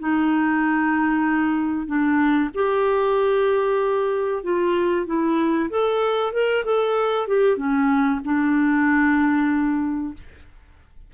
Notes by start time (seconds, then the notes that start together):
0.00 D#4
1.87 D4
2.55 G4
4.44 F4
5.07 E4
5.70 A4
6.33 A#4
6.65 A4
7.28 G4
7.57 C#4
8.24 D4